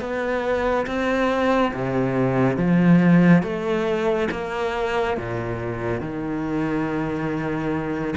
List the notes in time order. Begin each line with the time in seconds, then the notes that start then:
0.00 B3
0.86 C4
1.74 C3
2.57 F3
3.43 A3
4.31 A#3
5.17 A#2
6.00 D#3